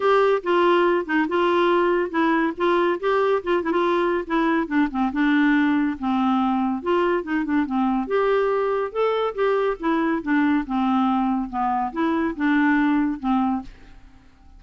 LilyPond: \new Staff \with { instrumentName = "clarinet" } { \time 4/4 \tempo 4 = 141 g'4 f'4. dis'8 f'4~ | f'4 e'4 f'4 g'4 | f'8 e'16 f'4~ f'16 e'4 d'8 c'8 | d'2 c'2 |
f'4 dis'8 d'8 c'4 g'4~ | g'4 a'4 g'4 e'4 | d'4 c'2 b4 | e'4 d'2 c'4 | }